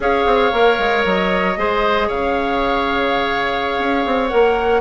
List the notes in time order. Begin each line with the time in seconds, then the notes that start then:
0.00 C#4 G#4 C#5 F5
0.26 C4
0.51 A#3 A#4
0.78 G#3
1.04 F#3 D#5
1.57 G#3 G#4 C5
2.07 C#3 C#5 F5
3.78 C#4
4.05 C4
4.28 A#3 A#4 F#5